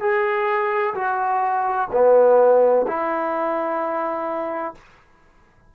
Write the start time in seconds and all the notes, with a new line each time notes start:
0.00 G#4
0.95 F#4
1.92 B3
2.87 E4